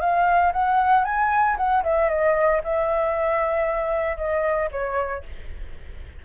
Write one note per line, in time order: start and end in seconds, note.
0.00 0.52 F5
0.52 1.05 F#5
1.05 1.57 G#5
1.57 1.83 F#5
1.83 2.09 E5
2.09 2.61 D#5
2.63 4.17 E5
4.17 4.69 D#5
4.71 5.23 C#5